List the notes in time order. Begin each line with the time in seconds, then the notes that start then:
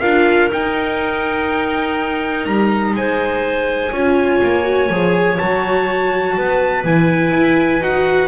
0.00 D4 F4 A#4 F5
0.51 D#4 G5
2.45 G3 A#5
2.94 G#3 C5 G#5
3.92 C#4 F4 C#5
4.43 A#3
4.63 F#4
4.89 F3 G#4
5.38 F#3 F#4 A5
6.37 B3 B4
6.84 E3 E4 G#5
7.32 E4
7.81 D#4 F#4 F#5